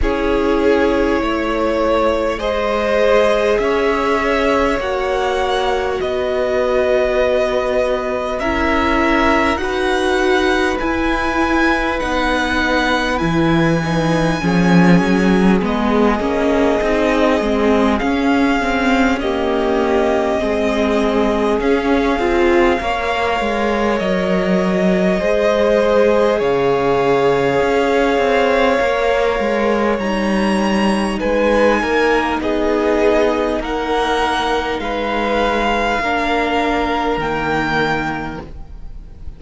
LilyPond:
<<
  \new Staff \with { instrumentName = "violin" } { \time 4/4 \tempo 4 = 50 cis''2 dis''4 e''4 | fis''4 dis''2 e''4 | fis''4 gis''4 fis''4 gis''4~ | gis''4 dis''2 f''4 |
dis''2 f''2 | dis''2 f''2~ | f''4 ais''4 gis''4 dis''4 | fis''4 f''2 g''4 | }
  \new Staff \with { instrumentName = "violin" } { \time 4/4 gis'4 cis''4 c''4 cis''4~ | cis''4 b'2 ais'4 | b'1 | gis'1 |
g'4 gis'2 cis''4~ | cis''4 c''4 cis''2~ | cis''2 b'8 ais'8 gis'4 | ais'4 b'4 ais'2 | }
  \new Staff \with { instrumentName = "viola" } { \time 4/4 e'2 gis'2 | fis'2. e'4 | fis'4 e'4 dis'4 e'8 dis'8 | cis'4 b8 cis'8 dis'8 c'8 cis'8 c'8 |
ais4 c'4 cis'8 f'8 ais'4~ | ais'4 gis'2. | ais'4 dis'2.~ | dis'2 d'4 ais4 | }
  \new Staff \with { instrumentName = "cello" } { \time 4/4 cis'4 a4 gis4 cis'4 | ais4 b2 cis'4 | dis'4 e'4 b4 e4 | f8 fis8 gis8 ais8 c'8 gis8 cis'4~ |
cis'4 gis4 cis'8 c'8 ais8 gis8 | fis4 gis4 cis4 cis'8 c'8 | ais8 gis8 g4 gis8 ais8 b4 | ais4 gis4 ais4 dis4 | }
>>